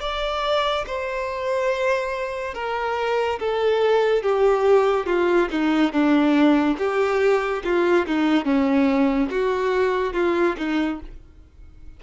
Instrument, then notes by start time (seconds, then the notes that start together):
violin
0.00 D5
0.86 C5
2.54 A#4
3.39 A4
4.22 G4
5.06 F4
5.50 D#4
5.92 D4
6.78 G4
7.64 F4
8.06 D#4
8.45 C#4
9.30 F#4
10.13 F4
10.57 D#4